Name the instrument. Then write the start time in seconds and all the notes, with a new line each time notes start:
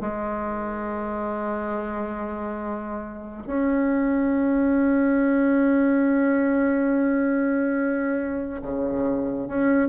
bassoon
0.00 G#3
3.46 C#4
8.62 C#3
9.48 C#4